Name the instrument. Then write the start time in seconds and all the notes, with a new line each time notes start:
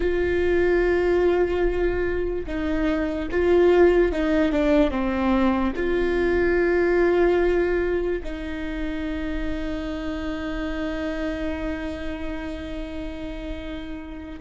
viola
0.00 F4
2.46 D#4
3.31 F4
4.12 D#4
4.52 D4
4.91 C4
5.76 F4
8.23 D#4